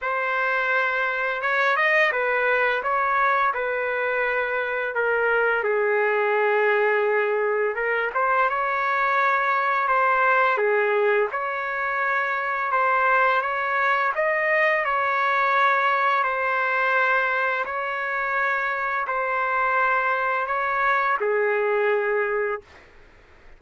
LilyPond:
\new Staff \with { instrumentName = "trumpet" } { \time 4/4 \tempo 4 = 85 c''2 cis''8 dis''8 b'4 | cis''4 b'2 ais'4 | gis'2. ais'8 c''8 | cis''2 c''4 gis'4 |
cis''2 c''4 cis''4 | dis''4 cis''2 c''4~ | c''4 cis''2 c''4~ | c''4 cis''4 gis'2 | }